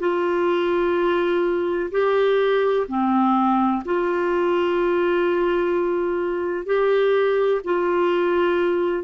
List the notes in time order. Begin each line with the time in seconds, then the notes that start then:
0.00 F4
1.91 G4
2.88 C4
3.85 F4
6.66 G4
7.64 F4